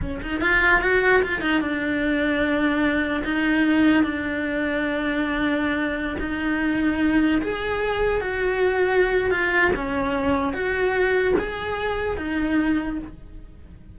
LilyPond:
\new Staff \with { instrumentName = "cello" } { \time 4/4 \tempo 4 = 148 cis'8 dis'8 f'4 fis'4 f'8 dis'8 | d'1 | dis'2 d'2~ | d'2.~ d'16 dis'8.~ |
dis'2~ dis'16 gis'4.~ gis'16~ | gis'16 fis'2~ fis'8. f'4 | cis'2 fis'2 | gis'2 dis'2 | }